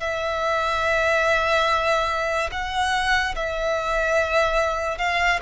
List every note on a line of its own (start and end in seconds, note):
0.00 2.50 E5
2.52 3.35 F#5
3.36 4.98 E5
4.98 5.40 F5